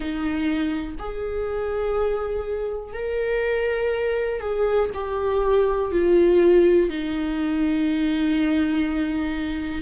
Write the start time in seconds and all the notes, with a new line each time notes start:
0.00 D#4
0.98 G#4
2.93 A#4
4.40 G#4
4.94 G4
5.92 F4
6.89 D#4